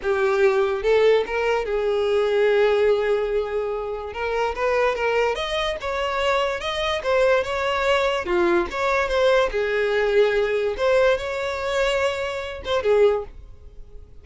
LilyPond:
\new Staff \with { instrumentName = "violin" } { \time 4/4 \tempo 4 = 145 g'2 a'4 ais'4 | gis'1~ | gis'2 ais'4 b'4 | ais'4 dis''4 cis''2 |
dis''4 c''4 cis''2 | f'4 cis''4 c''4 gis'4~ | gis'2 c''4 cis''4~ | cis''2~ cis''8 c''8 gis'4 | }